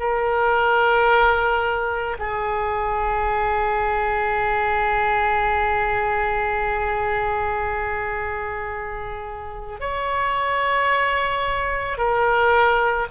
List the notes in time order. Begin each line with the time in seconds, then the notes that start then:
0.00 A#4
2.19 G#4
9.80 C#5
11.98 A#4